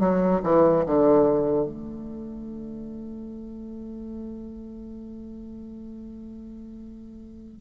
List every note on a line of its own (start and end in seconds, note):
0.00 0.41 F#3
0.44 0.85 E3
0.87 1.66 D3
1.66 7.62 A3